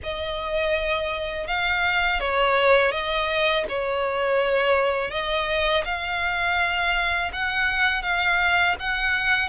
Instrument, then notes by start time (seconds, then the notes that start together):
violin
0.03 D#5
1.47 F5
2.20 C#5
2.91 D#5
3.68 C#5
5.11 D#5
5.84 F5
7.32 F#5
8.02 F5
8.79 F#5